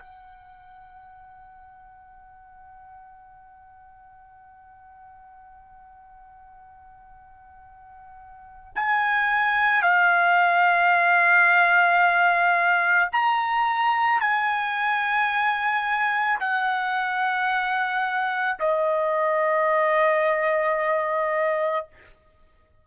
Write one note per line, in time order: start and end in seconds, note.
0.00 8.73 F#5
8.75 9.82 G#5
9.82 13.09 F5
13.12 14.21 A#5
14.21 16.39 G#5
16.40 18.58 F#5
18.60 21.87 D#5